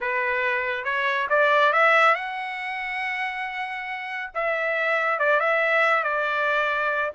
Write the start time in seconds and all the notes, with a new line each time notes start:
0.00 B4
0.84 C#5
1.29 D5
1.73 E5
2.14 F#5
4.34 E5
5.19 D5
5.40 E5
6.03 D5